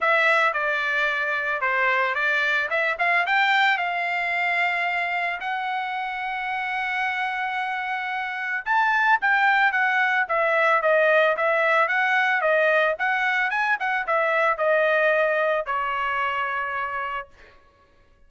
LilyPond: \new Staff \with { instrumentName = "trumpet" } { \time 4/4 \tempo 4 = 111 e''4 d''2 c''4 | d''4 e''8 f''8 g''4 f''4~ | f''2 fis''2~ | fis''1 |
a''4 g''4 fis''4 e''4 | dis''4 e''4 fis''4 dis''4 | fis''4 gis''8 fis''8 e''4 dis''4~ | dis''4 cis''2. | }